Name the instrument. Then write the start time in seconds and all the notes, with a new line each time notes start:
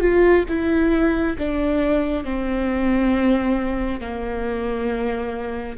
viola
0.00 F4
0.48 E4
1.38 D4
2.24 C4
4.00 A#3